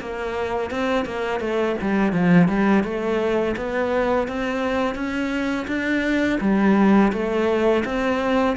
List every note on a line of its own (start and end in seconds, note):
0.00 0.70 A#3
0.70 1.05 C4
1.05 1.40 A#3
1.40 1.76 A3
1.81 2.12 G3
2.12 2.48 F3
2.48 2.84 G3
2.84 3.55 A3
3.56 4.28 B3
4.28 4.95 C4
4.95 5.66 C#4
5.67 6.39 D4
6.41 7.12 G3
7.12 7.84 A3
7.85 8.56 C4